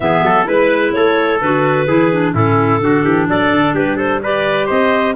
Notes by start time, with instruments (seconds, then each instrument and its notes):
0.00 tuba E3, clarinet B3 E5, trumpet G#4
0.22 tuba F#3, trumpet A4
0.45 tuba G#3, clarinet E4 B4, trumpet B4
0.93 tuba A3, trumpet A4, clarinet C#5
1.40 tuba D3, clarinet F#4 B4
1.87 tuba E3, clarinet E4, trumpet G#4
2.11 clarinet D4
2.33 tuba A2, clarinet C#4 A4, trumpet E4
2.80 tuba D3, clarinet D4, trumpet F#4
3.04 tuba E3, trumpet G4
3.28 tuba F#3, trumpet A4, clarinet D5
3.51 tuba D3
3.73 tuba G3, trumpet G4, clarinet B4
3.96 trumpet A4, clarinet C5
4.22 clarinet G4 D5, trumpet B4
4.66 tuba C4, trumpet C5, clarinet D#5